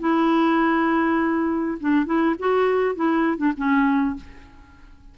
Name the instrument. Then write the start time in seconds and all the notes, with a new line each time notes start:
clarinet
0.00 E4
1.80 D4
2.06 E4
2.39 F#4
2.96 E4
3.38 D4
3.57 C#4